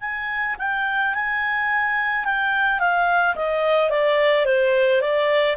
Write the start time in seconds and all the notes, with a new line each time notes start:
0.00 G#5
0.59 G5
1.14 G#5
2.25 G5
2.79 F5
3.35 D#5
3.90 D5
4.45 C5
5.01 D5